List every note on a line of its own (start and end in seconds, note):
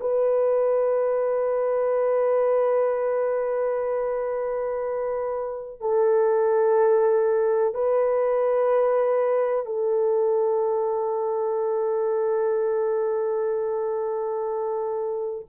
0.00 5.81 B4
5.81 7.74 A4
7.74 9.66 B4
9.66 15.46 A4